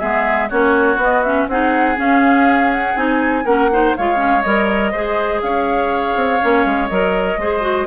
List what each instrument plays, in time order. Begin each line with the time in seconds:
0.00 bassoon G#3, clarinet B3, oboe G#4, flute E5
0.50 bassoon A#3, clarinet C#4, oboe F#4, flute C#5
0.97 bassoon B3, clarinet B3
1.04 flute D#5
1.24 clarinet C#4, flute E5
1.48 bassoon C4, clarinet D#4, oboe G#4, flute F#5
1.96 clarinet C#4, bassoon C#4, flute F5
2.73 flute F#5
2.96 bassoon C4, clarinet D#4, flute G#5
3.45 bassoon A#3, clarinet C#4, oboe A#4, flute F#5
3.72 clarinet D#4, oboe C5
3.97 bassoon G#3, clarinet F4, oboe C#5, flute F5
4.16 clarinet C#4
4.43 bassoon G3, clarinet A#4, flute D#5
4.91 bassoon G#3, clarinet G#4, oboe C5
5.41 bassoon C#4, oboe C#5, flute F5
6.16 bassoon C4
6.41 bassoon A#3, clarinet C#4
6.66 bassoon G#3
6.89 bassoon F#3, clarinet A#4, flute D#5
7.38 bassoon G#3, clarinet G#4, oboe C5
7.61 clarinet F#4